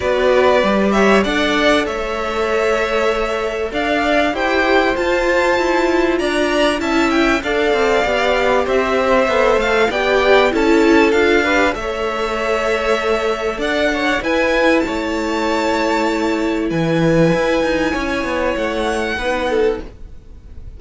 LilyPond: <<
  \new Staff \with { instrumentName = "violin" } { \time 4/4 \tempo 4 = 97 d''4. e''8 fis''4 e''4~ | e''2 f''4 g''4 | a''2 ais''4 a''8 g''8 | f''2 e''4. f''8 |
g''4 a''4 f''4 e''4~ | e''2 fis''4 gis''4 | a''2. gis''4~ | gis''2 fis''2 | }
  \new Staff \with { instrumentName = "violin" } { \time 4/4 b'4. cis''8 d''4 cis''4~ | cis''2 d''4 c''4~ | c''2 d''4 e''4 | d''2 c''2 |
d''4 a'4. b'8 cis''4~ | cis''2 d''8 cis''8 b'4 | cis''2. b'4~ | b'4 cis''2 b'8 a'8 | }
  \new Staff \with { instrumentName = "viola" } { \time 4/4 fis'4 g'4 a'2~ | a'2. g'4 | f'2. e'4 | a'4 g'2 a'4 |
g'4 e'4 f'8 g'8 a'4~ | a'2. e'4~ | e'1~ | e'2. dis'4 | }
  \new Staff \with { instrumentName = "cello" } { \time 4/4 b4 g4 d'4 a4~ | a2 d'4 e'4 | f'4 e'4 d'4 cis'4 | d'8 c'8 b4 c'4 b8 a8 |
b4 cis'4 d'4 a4~ | a2 d'4 e'4 | a2. e4 | e'8 dis'8 cis'8 b8 a4 b4 | }
>>